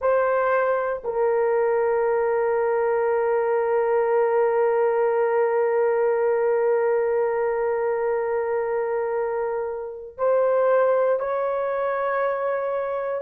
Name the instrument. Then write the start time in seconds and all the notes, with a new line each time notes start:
horn
0.01 C5
1.04 A#4
10.17 C5
11.19 C#5